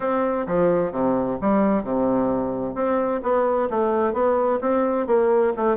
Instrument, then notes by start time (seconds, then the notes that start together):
bassoon
0.00 C4
0.46 F3
0.91 C3
1.41 G3
1.83 C3
2.74 C4
3.22 B3
3.70 A3
4.13 B3
4.60 C4
5.06 A#3
5.56 A3